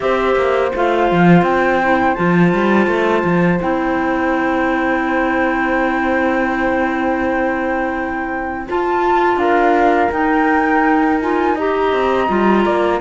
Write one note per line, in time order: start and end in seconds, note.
0.00 0.35 C4
0.00 0.71 G4
0.00 9.39 C5
0.00 0.70 E5
0.35 0.71 A#3
0.75 1.11 A3
0.75 1.82 F4
0.75 1.43 F5
1.11 1.42 F3
1.42 2.14 C4
1.42 2.14 G5
1.82 2.16 E4
2.14 2.53 F3
2.14 3.59 F4
2.14 3.59 A5
2.53 2.87 G3
2.87 3.23 A3
3.24 3.60 F3
3.59 8.68 C4
3.59 8.65 E4
3.59 8.66 G5
8.68 10.11 F4
8.68 9.36 F4
8.68 9.38 A5
9.36 10.08 D4
9.36 11.55 A#4
9.36 10.10 F5
10.11 11.19 D#4
10.11 11.92 D#4
10.11 11.20 G5
11.21 11.57 F4
11.21 11.57 G#5
11.55 12.28 G4
11.55 12.63 D#5
11.55 13.01 A#5
11.92 12.28 C4
12.28 12.65 G3
12.28 13.00 F4
12.65 13.01 A#3
12.65 13.01 D5